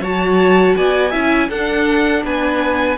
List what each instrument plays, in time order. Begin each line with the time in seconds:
0.00 cello F#3, viola F#4, violin C#5 A5
0.76 cello B3, violin D5 G#5
1.10 cello C#4, viola E4, violin E5
1.48 cello D4, viola D4, violin A4 F#5
2.23 cello B3, violin B4 G#5